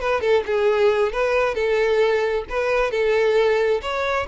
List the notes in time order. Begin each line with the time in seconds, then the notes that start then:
0.00 B4
0.21 A4
0.46 G#4
1.12 B4
1.54 A4
2.49 B4
2.91 A4
3.81 C#5